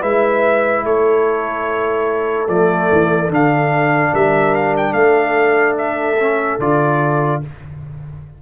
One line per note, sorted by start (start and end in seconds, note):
0.00 0.84 G#3
0.00 2.47 E4
0.00 0.82 B4
0.00 0.85 E5
0.84 2.48 A3
0.84 4.12 A4
0.84 2.48 C#5
2.48 2.89 F3
2.48 3.29 A3
2.48 3.30 D5
2.91 3.30 E3
3.29 4.12 D3
3.29 6.16 D4
3.29 4.14 F5
4.12 4.92 G3
4.12 4.94 A#4
4.12 4.54 E5
4.54 4.75 F5
4.77 4.93 G5
4.92 6.57 A3
4.92 7.41 A4
4.92 5.75 F5
5.77 6.60 E5
6.20 6.60 C#4
6.59 7.41 D3
6.59 7.42 F4
6.59 7.42 D5